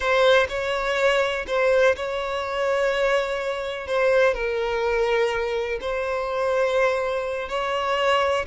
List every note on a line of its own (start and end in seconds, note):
0.00 0.46 C5
0.48 1.45 C#5
1.47 1.95 C5
1.96 3.87 C#5
3.87 4.34 C5
4.34 5.79 A#4
5.80 7.49 C5
7.49 8.45 C#5